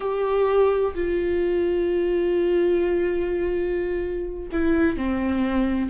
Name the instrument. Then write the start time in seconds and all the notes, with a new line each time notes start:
viola
0.00 G4
0.94 F4
4.52 E4
4.96 C4